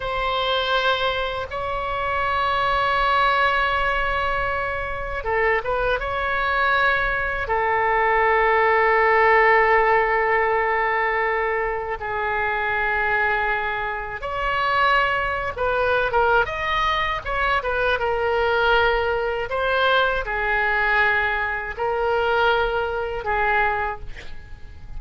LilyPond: \new Staff \with { instrumentName = "oboe" } { \time 4/4 \tempo 4 = 80 c''2 cis''2~ | cis''2. a'8 b'8 | cis''2 a'2~ | a'1 |
gis'2. cis''4~ | cis''8. b'8. ais'8 dis''4 cis''8 b'8 | ais'2 c''4 gis'4~ | gis'4 ais'2 gis'4 | }